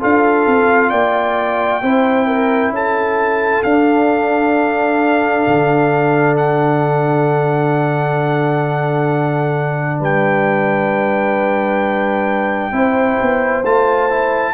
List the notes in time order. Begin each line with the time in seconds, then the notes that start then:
0.00 D4 F4 A4 F5
0.47 C4
0.90 A#3 D5 G5
1.82 C4 E4 C5
2.27 A#4
2.71 C#4 A4 A5
3.63 D4 F5
5.48 D3
6.37 F#5
9.99 G3 B4 G5
12.72 C4 E4 C5
13.22 B3
13.63 A3 F4 A5
14.10 E4